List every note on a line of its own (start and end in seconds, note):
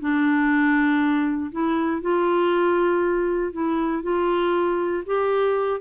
0.00 1.51 D4
1.52 2.02 E4
2.02 3.52 F4
3.52 4.03 E4
4.03 5.04 F4
5.06 5.81 G4